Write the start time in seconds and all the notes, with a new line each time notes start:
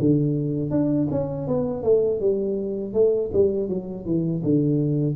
0.00 D3
0.71 D4
1.11 C#4
1.47 B3
1.83 A3
2.21 G3
2.94 A3
3.33 G3
3.69 F#3
4.05 E3
4.44 D3